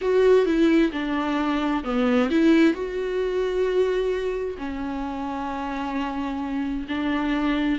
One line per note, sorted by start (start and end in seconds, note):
0.01 0.45 F#4
0.45 0.91 E4
0.92 1.83 D4
1.83 2.29 B3
2.30 2.73 E4
2.73 4.56 F#4
4.57 6.86 C#4
6.88 7.79 D4